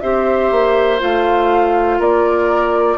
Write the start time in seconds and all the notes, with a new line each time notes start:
0.00 C4 G4 C5 E5
0.51 A#3
0.99 A3 F4 F5
1.99 A#3 A#4 D5